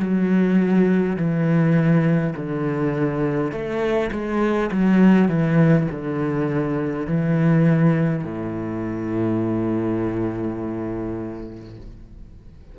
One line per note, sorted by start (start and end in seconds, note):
0.00 1.17 F#3
1.17 2.34 E3
2.36 3.52 D3
3.52 4.11 A3
4.12 4.71 G#3
4.72 5.29 F#3
5.29 5.88 E3
5.91 7.07 D3
7.07 8.25 E3
8.25 11.78 A2